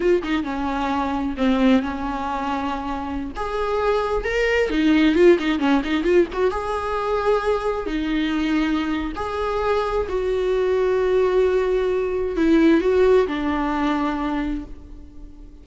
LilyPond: \new Staff \with { instrumentName = "viola" } { \time 4/4 \tempo 4 = 131 f'8 dis'8 cis'2 c'4 | cis'2.~ cis'16 gis'8.~ | gis'4~ gis'16 ais'4 dis'4 f'8 dis'16~ | dis'16 cis'8 dis'8 f'8 fis'8 gis'4.~ gis'16~ |
gis'4~ gis'16 dis'2~ dis'8. | gis'2 fis'2~ | fis'2. e'4 | fis'4 d'2. | }